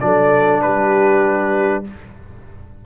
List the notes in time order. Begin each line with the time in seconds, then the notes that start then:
0.00 F#3 D4 A4 D5
0.61 G3 G4 B4